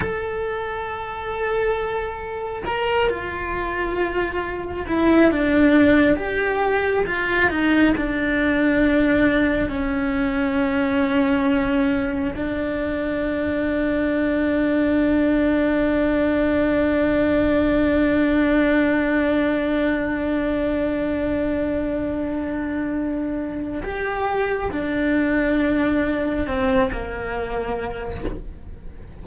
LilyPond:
\new Staff \with { instrumentName = "cello" } { \time 4/4 \tempo 4 = 68 a'2. ais'8 f'8~ | f'4. e'8 d'4 g'4 | f'8 dis'8 d'2 cis'4~ | cis'2 d'2~ |
d'1~ | d'1~ | d'2. g'4 | d'2 c'8 ais4. | }